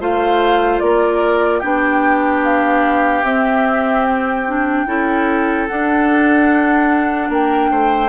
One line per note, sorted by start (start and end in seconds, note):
0.00 0.81 A3
0.00 1.62 F4
0.00 0.81 C5
0.00 0.79 F5
0.79 1.62 A#3
0.79 1.59 A#4
0.79 1.60 D5
1.59 3.23 B3
1.59 3.24 D4
1.59 4.83 G4
1.59 2.41 G5
2.44 3.24 F5
3.23 4.85 C4
3.23 4.46 C4
3.23 4.05 E5
4.06 5.67 G5
4.47 4.86 D4
4.86 5.68 C#4
4.86 5.68 E4
4.86 7.30 A4
5.67 8.09 D4
5.67 7.29 D4
5.67 7.30 F#5
7.29 7.70 A#3
7.29 7.70 A#4
7.29 8.09 G5
7.71 8.09 A3
7.71 8.09 C5